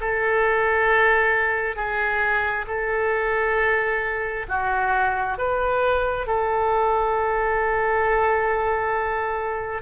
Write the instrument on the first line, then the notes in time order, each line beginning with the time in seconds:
oboe
0.00 A4
1.75 G#4
2.67 A4
4.48 F#4
5.38 B4
6.26 A4